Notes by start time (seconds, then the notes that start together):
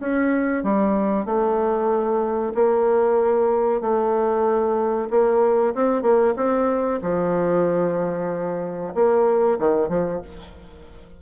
0.00 C#4
0.64 G3
1.26 A3
2.55 A#3
3.82 A3
5.11 A#3
5.75 C4
6.03 A#3
6.37 C4
7.03 F3
8.95 A#3
9.60 D#3
9.89 F3